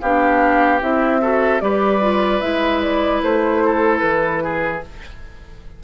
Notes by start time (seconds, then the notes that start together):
0.00 B3 D4 G4 F5
0.80 C4 E4 E5
1.21 F#4 A4
1.60 G3 G4 B4 D5
2.01 F4
2.41 G#3 E4 E5
2.82 D5
3.22 A3 C5
3.65 A4
3.99 E3 B4
4.43 G#4